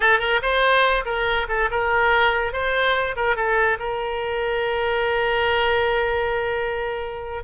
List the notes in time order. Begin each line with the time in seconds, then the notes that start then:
0.00 A4
0.19 A#4
0.42 C5
1.05 A#4
1.48 A4
1.71 A#4
2.52 C5
3.16 A#4
3.36 A4
3.79 A#4